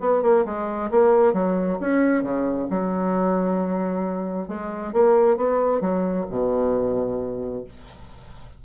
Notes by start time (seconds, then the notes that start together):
0.00 B3
0.22 A#3
0.45 G#3
0.91 A#3
1.33 F#3
1.81 C#4
2.23 C#3
2.70 F#3
4.48 G#3
4.93 A#3
5.37 B3
5.81 F#3
6.30 B2